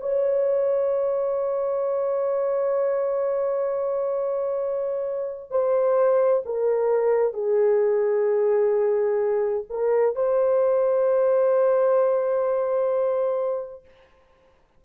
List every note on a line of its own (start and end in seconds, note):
0.00 5.50 C#5
5.50 6.43 C5
6.45 7.33 A#4
7.33 9.64 G#4
9.70 10.15 A#4
10.15 13.85 C5